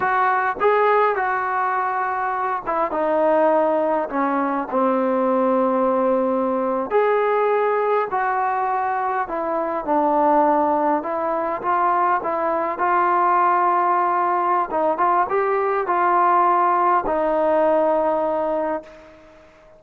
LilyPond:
\new Staff \with { instrumentName = "trombone" } { \time 4/4 \tempo 4 = 102 fis'4 gis'4 fis'2~ | fis'8 e'8 dis'2 cis'4 | c'2.~ c'8. gis'16~ | gis'4.~ gis'16 fis'2 e'16~ |
e'8. d'2 e'4 f'16~ | f'8. e'4 f'2~ f'16~ | f'4 dis'8 f'8 g'4 f'4~ | f'4 dis'2. | }